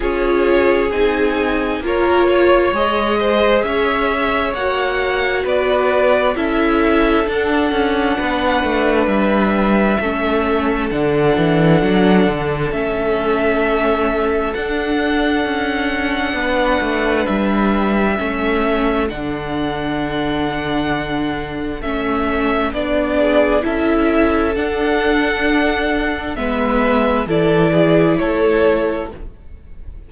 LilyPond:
<<
  \new Staff \with { instrumentName = "violin" } { \time 4/4 \tempo 4 = 66 cis''4 gis''4 cis''4 dis''4 | e''4 fis''4 d''4 e''4 | fis''2 e''2 | fis''2 e''2 |
fis''2. e''4~ | e''4 fis''2. | e''4 d''4 e''4 fis''4~ | fis''4 e''4 d''4 cis''4 | }
  \new Staff \with { instrumentName = "violin" } { \time 4/4 gis'2 ais'8 cis''4 c''8 | cis''2 b'4 a'4~ | a'4 b'2 a'4~ | a'1~ |
a'2 b'2 | a'1~ | a'4. gis'8 a'2~ | a'4 b'4 a'8 gis'8 a'4 | }
  \new Staff \with { instrumentName = "viola" } { \time 4/4 f'4 dis'4 f'4 gis'4~ | gis'4 fis'2 e'4 | d'2. cis'4 | d'2 cis'2 |
d'1 | cis'4 d'2. | cis'4 d'4 e'4 d'4~ | d'4 b4 e'2 | }
  \new Staff \with { instrumentName = "cello" } { \time 4/4 cis'4 c'4 ais4 gis4 | cis'4 ais4 b4 cis'4 | d'8 cis'8 b8 a8 g4 a4 | d8 e8 fis8 d8 a2 |
d'4 cis'4 b8 a8 g4 | a4 d2. | a4 b4 cis'4 d'4~ | d'4 gis4 e4 a4 | }
>>